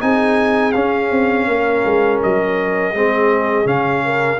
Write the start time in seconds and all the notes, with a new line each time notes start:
0.00 C4 D#4 G#4 G#5
0.72 C#4 F5
1.11 C4
1.47 A#3 A#4
1.85 G#3
2.23 F#3 D#5
2.94 G#3 C4 G#4
3.65 C#3 C#4 F5
4.05 A#4